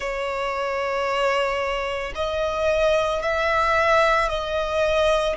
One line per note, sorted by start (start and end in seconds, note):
0.00 2.12 C#5
2.15 3.22 D#5
3.22 4.29 E5
4.29 5.36 D#5